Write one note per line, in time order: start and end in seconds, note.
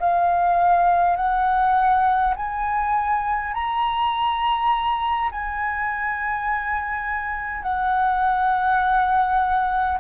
0.00 1.17 F5
1.17 2.34 F#5
2.36 3.54 G#5
3.54 5.30 A#5
5.32 7.63 G#5
7.63 9.98 F#5